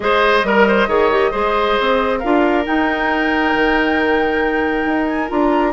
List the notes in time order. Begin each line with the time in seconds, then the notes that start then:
0.00 G#3 G#4 C5 D#5
0.43 G3 A#4
0.67 C5
0.87 D#3 G#4 C#5
1.10 G4
1.31 G#3 G#4 C5
1.79 C4
2.19 D4 F4 A#4 F5
2.64 D#4 G5
3.54 D#3
4.85 D#4
5.06 G#5
5.29 D4 F4 A#5